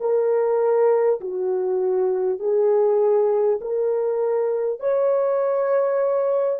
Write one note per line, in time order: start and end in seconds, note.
0.00 1.20 A#4
1.21 2.39 F#4
2.39 3.59 G#4
3.61 4.80 A#4
4.80 6.60 C#5